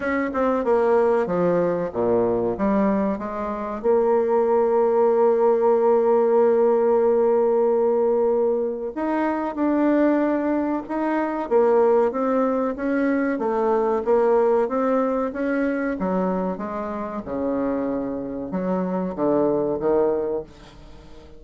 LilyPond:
\new Staff \with { instrumentName = "bassoon" } { \time 4/4 \tempo 4 = 94 cis'8 c'8 ais4 f4 ais,4 | g4 gis4 ais2~ | ais1~ | ais2 dis'4 d'4~ |
d'4 dis'4 ais4 c'4 | cis'4 a4 ais4 c'4 | cis'4 fis4 gis4 cis4~ | cis4 fis4 d4 dis4 | }